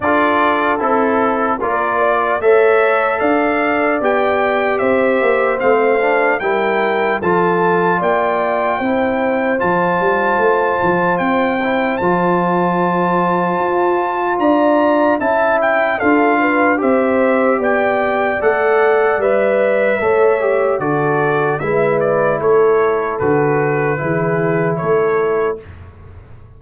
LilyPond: <<
  \new Staff \with { instrumentName = "trumpet" } { \time 4/4 \tempo 4 = 75 d''4 a'4 d''4 e''4 | f''4 g''4 e''4 f''4 | g''4 a''4 g''2 | a''2 g''4 a''4~ |
a''2 ais''4 a''8 g''8 | f''4 e''4 g''4 fis''4 | e''2 d''4 e''8 d''8 | cis''4 b'2 cis''4 | }
  \new Staff \with { instrumentName = "horn" } { \time 4/4 a'2 ais'8 d''8 cis''4 | d''2 c''2 | ais'4 a'4 d''4 c''4~ | c''1~ |
c''2 d''4 e''4 | a'8 b'8 c''4 d''2~ | d''4 cis''4 a'4 b'4 | a'2 gis'4 a'4 | }
  \new Staff \with { instrumentName = "trombone" } { \time 4/4 f'4 e'4 f'4 a'4~ | a'4 g'2 c'8 d'8 | e'4 f'2 e'4 | f'2~ f'8 e'8 f'4~ |
f'2. e'4 | f'4 g'2 a'4 | b'4 a'8 g'8 fis'4 e'4~ | e'4 fis'4 e'2 | }
  \new Staff \with { instrumentName = "tuba" } { \time 4/4 d'4 c'4 ais4 a4 | d'4 b4 c'8 ais8 a4 | g4 f4 ais4 c'4 | f8 g8 a8 f8 c'4 f4~ |
f4 f'4 d'4 cis'4 | d'4 c'4 b4 a4 | g4 a4 d4 gis4 | a4 d4 e4 a4 | }
>>